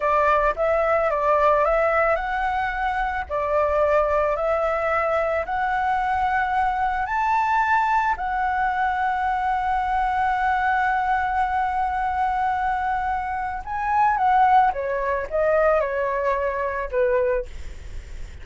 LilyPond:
\new Staff \with { instrumentName = "flute" } { \time 4/4 \tempo 4 = 110 d''4 e''4 d''4 e''4 | fis''2 d''2 | e''2 fis''2~ | fis''4 a''2 fis''4~ |
fis''1~ | fis''1~ | fis''4 gis''4 fis''4 cis''4 | dis''4 cis''2 b'4 | }